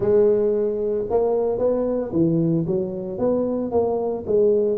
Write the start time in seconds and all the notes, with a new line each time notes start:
0.00 G#3
1.09 A#3
1.58 B3
2.12 E3
2.66 F#3
3.18 B3
3.71 A#3
4.26 G#3